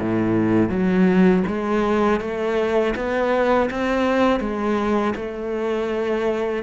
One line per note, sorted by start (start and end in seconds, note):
0.00 0.69 A2
0.69 1.43 F#3
1.47 2.21 G#3
2.21 2.95 A3
2.96 3.70 B3
3.71 4.40 C4
4.40 5.14 G#3
5.16 6.64 A3